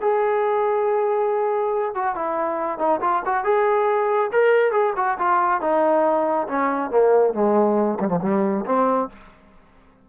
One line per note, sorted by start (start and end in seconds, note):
0.00 1.94 G#4
1.94 2.15 F#4
2.15 2.78 E4
2.78 3.00 D#4
3.01 3.22 F4
3.25 3.44 F#4
3.44 4.30 G#4
4.32 4.71 A#4
4.71 4.93 G#4
4.96 5.17 F#4
5.18 5.61 F4
5.61 6.47 D#4
6.47 6.90 C#4
6.90 7.33 A#3
7.33 7.98 G#3
8.00 8.08 G3
8.08 8.19 F3
8.21 8.64 G3
8.65 9.09 C4